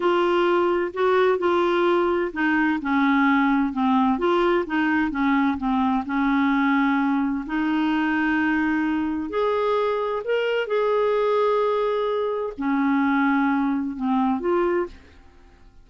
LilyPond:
\new Staff \with { instrumentName = "clarinet" } { \time 4/4 \tempo 4 = 129 f'2 fis'4 f'4~ | f'4 dis'4 cis'2 | c'4 f'4 dis'4 cis'4 | c'4 cis'2. |
dis'1 | gis'2 ais'4 gis'4~ | gis'2. cis'4~ | cis'2 c'4 f'4 | }